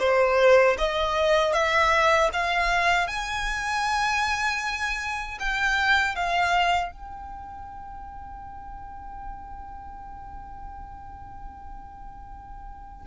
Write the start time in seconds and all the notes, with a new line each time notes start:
0.00 C5
0.79 D#5
1.53 E5
2.34 F5
3.08 G#5
5.40 G5
6.16 F5
6.92 G5